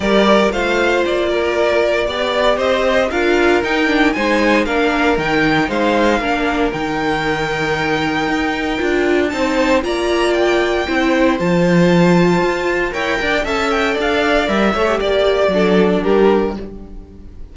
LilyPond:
<<
  \new Staff \with { instrumentName = "violin" } { \time 4/4 \tempo 4 = 116 d''4 f''4 d''2~ | d''4 dis''4 f''4 g''4 | gis''4 f''4 g''4 f''4~ | f''4 g''2.~ |
g''2 a''4 ais''4 | g''2 a''2~ | a''4 g''4 a''8 g''8 f''4 | e''4 d''2 ais'4 | }
  \new Staff \with { instrumentName = "violin" } { \time 4/4 ais'4 c''4. ais'4. | d''4 c''4 ais'2 | c''4 ais'2 c''4 | ais'1~ |
ais'2 c''4 d''4~ | d''4 c''2.~ | c''4 cis''8 d''8 e''4 d''4~ | d''8 cis''8 d''4 a'4 g'4 | }
  \new Staff \with { instrumentName = "viola" } { \time 4/4 g'4 f'2. | g'2 f'4 dis'8 d'8 | dis'4 d'4 dis'2 | d'4 dis'2.~ |
dis'4 f'4 dis'4 f'4~ | f'4 e'4 f'2~ | f'4 ais'4 a'2 | ais'8 a'16 g'4~ g'16 d'2 | }
  \new Staff \with { instrumentName = "cello" } { \time 4/4 g4 a4 ais2 | b4 c'4 d'4 dis'4 | gis4 ais4 dis4 gis4 | ais4 dis2. |
dis'4 d'4 c'4 ais4~ | ais4 c'4 f2 | f'4 e'8 d'8 cis'4 d'4 | g8 a8 ais4 fis4 g4 | }
>>